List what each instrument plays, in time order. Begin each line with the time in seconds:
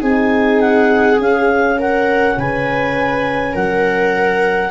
0.00 tuba C4, horn D#4, viola G#4, clarinet G#5
0.60 clarinet F#5
1.18 tuba C#4, horn C#4, clarinet F5
1.78 viola A#4, clarinet F#5
2.37 tuba C#3, viola B4, clarinet G#5
3.52 tuba F#3, viola A#4, clarinet F#5